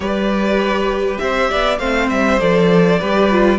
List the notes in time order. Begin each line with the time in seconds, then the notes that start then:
0.00 G3 G4 B4 D5
1.18 C4 C5 E5
1.50 B3 D5
1.79 A3 C4 C5 F5
2.09 G3 E5
2.39 F3 A4 D5
2.99 G3 G4 B4
3.30 F4